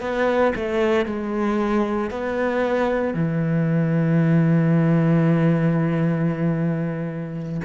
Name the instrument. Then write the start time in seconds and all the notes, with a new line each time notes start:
cello
0.00 B3
0.56 A3
1.05 G#3
2.11 B3
3.14 E3